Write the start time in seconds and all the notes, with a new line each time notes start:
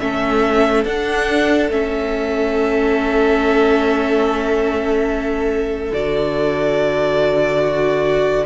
0.00 A3 C#4 A4 E5
0.85 D4 F#5
1.69 A3 C#4 E5
5.92 D3 F#4 D5
7.60 F#4